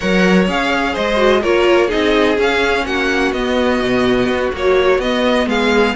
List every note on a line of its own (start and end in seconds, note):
0.00 0.47 F#3
0.00 0.47 A#4
0.00 0.93 C#5
0.00 0.48 F#5
0.47 0.95 C#4
0.47 1.17 G#4
0.47 0.95 F5
0.93 1.44 G#3
0.93 1.41 C5
0.93 1.42 D#5
1.17 1.40 F#4
1.41 1.91 A#3
1.41 1.88 F4
1.41 1.87 A#4
1.41 1.90 C#5
1.87 2.38 C4
1.87 2.36 D#4
1.87 2.83 G#4
1.87 2.37 D#5
2.38 2.85 C#4
2.38 3.34 C#4
2.38 2.85 F5
2.85 3.32 A#3
2.85 5.48 F#4
2.85 3.32 F#5
3.32 3.79 B3
3.32 4.53 B3
3.32 4.51 D#5
3.81 4.28 B2
4.28 4.51 B3
4.52 5.00 F#3
4.52 4.98 A#3
4.52 5.00 C#5
4.98 5.45 B3
4.98 5.95 B3
4.98 5.48 D#5
5.45 5.93 G#3
5.45 5.95 G#4
5.45 5.95 F5